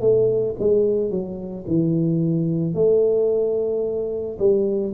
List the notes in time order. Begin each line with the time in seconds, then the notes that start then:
0.00 A3
0.59 G#3
1.10 F#3
1.67 E3
2.74 A3
4.38 G3